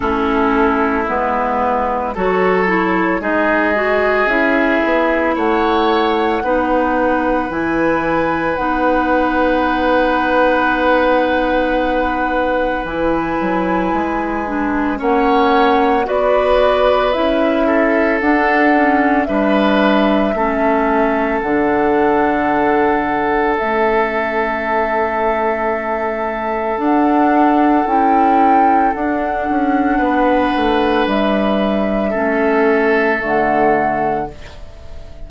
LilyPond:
<<
  \new Staff \with { instrumentName = "flute" } { \time 4/4 \tempo 4 = 56 a'4 b'4 cis''4 dis''4 | e''4 fis''2 gis''4 | fis''1 | gis''2 fis''4 d''4 |
e''4 fis''4 e''2 | fis''2 e''2~ | e''4 fis''4 g''4 fis''4~ | fis''4 e''2 fis''4 | }
  \new Staff \with { instrumentName = "oboe" } { \time 4/4 e'2 a'4 gis'4~ | gis'4 cis''4 b'2~ | b'1~ | b'2 cis''4 b'4~ |
b'8 a'4. b'4 a'4~ | a'1~ | a'1 | b'2 a'2 | }
  \new Staff \with { instrumentName = "clarinet" } { \time 4/4 cis'4 b4 fis'8 e'8 dis'8 fis'8 | e'2 dis'4 e'4 | dis'1 | e'4. d'8 cis'4 fis'4 |
e'4 d'8 cis'8 d'4 cis'4 | d'2 cis'2~ | cis'4 d'4 e'4 d'4~ | d'2 cis'4 a4 | }
  \new Staff \with { instrumentName = "bassoon" } { \time 4/4 a4 gis4 fis4 gis4 | cis'8 b8 a4 b4 e4 | b1 | e8 fis8 gis4 ais4 b4 |
cis'4 d'4 g4 a4 | d2 a2~ | a4 d'4 cis'4 d'8 cis'8 | b8 a8 g4 a4 d4 | }
>>